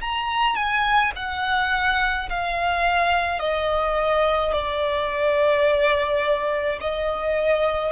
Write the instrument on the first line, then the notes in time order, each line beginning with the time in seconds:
violin
0.00 A#5
0.55 G#5
1.15 F#5
2.29 F5
3.39 D#5
4.52 D5
6.80 D#5